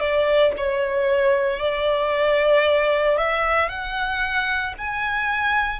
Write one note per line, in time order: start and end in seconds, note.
0.00 0.53 D5
0.57 1.60 C#5
1.60 3.18 D5
3.18 3.69 E5
3.69 4.74 F#5
4.78 5.80 G#5